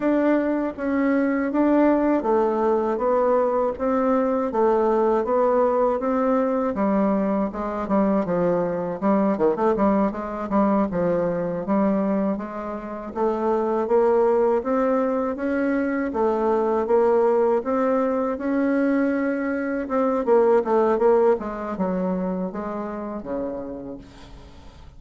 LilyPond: \new Staff \with { instrumentName = "bassoon" } { \time 4/4 \tempo 4 = 80 d'4 cis'4 d'4 a4 | b4 c'4 a4 b4 | c'4 g4 gis8 g8 f4 | g8 dis16 a16 g8 gis8 g8 f4 g8~ |
g8 gis4 a4 ais4 c'8~ | c'8 cis'4 a4 ais4 c'8~ | c'8 cis'2 c'8 ais8 a8 | ais8 gis8 fis4 gis4 cis4 | }